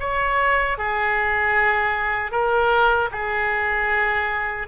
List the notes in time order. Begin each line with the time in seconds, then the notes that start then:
0.00 C#5
0.78 G#4
2.32 A#4
3.11 G#4